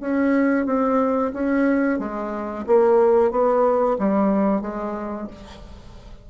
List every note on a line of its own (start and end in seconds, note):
0.00 0.66 C#4
0.66 1.32 C4
1.33 1.99 C#4
1.99 2.65 G#3
2.67 3.31 A#3
3.31 3.97 B3
3.99 4.61 G3
4.61 5.27 G#3